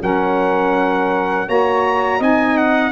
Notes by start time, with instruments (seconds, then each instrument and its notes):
0.00 tuba F#3, saxophone C#4 A#4, trumpet F#5
1.47 tuba A#3, saxophone F#4 C#5, trumpet A#5
2.18 tuba C4, saxophone D#4 D#5, trumpet G#5
2.57 trumpet F#5